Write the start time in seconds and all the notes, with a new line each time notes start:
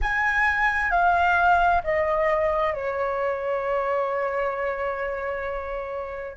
0.01 G#5
0.90 F5
1.83 D#5
2.73 C#5